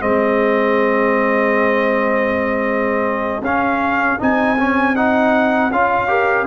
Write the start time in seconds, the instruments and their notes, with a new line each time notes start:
0.00 tuba G#3, trombone C4, horn G#4, trumpet D#5
3.41 tuba C#4, trombone C#4, trumpet F5
4.19 tuba C4, trombone D#4, trumpet G#5
4.57 trombone C#4
4.95 trombone D#4, trumpet F#5
5.71 tuba C#4, trombone F4, trumpet F5
6.07 trombone G4, horn A#4